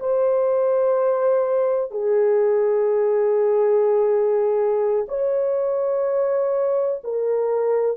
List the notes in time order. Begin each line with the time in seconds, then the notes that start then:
0.00 C5
1.91 G#4
5.08 C#5
7.04 A#4